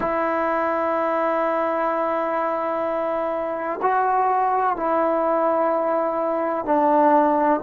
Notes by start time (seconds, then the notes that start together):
0.00 E4
3.82 F#4
4.76 E4
6.65 D4